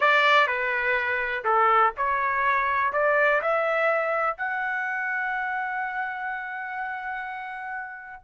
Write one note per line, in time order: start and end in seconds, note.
0.00 0.47 D5
0.47 1.44 B4
1.44 1.92 A4
1.97 2.92 C#5
2.92 3.41 D5
3.41 4.37 E5
4.37 8.23 F#5